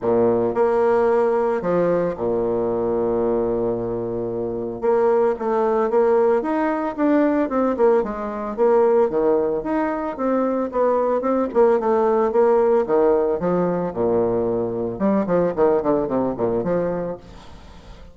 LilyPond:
\new Staff \with { instrumentName = "bassoon" } { \time 4/4 \tempo 4 = 112 ais,4 ais2 f4 | ais,1~ | ais,4 ais4 a4 ais4 | dis'4 d'4 c'8 ais8 gis4 |
ais4 dis4 dis'4 c'4 | b4 c'8 ais8 a4 ais4 | dis4 f4 ais,2 | g8 f8 dis8 d8 c8 ais,8 f4 | }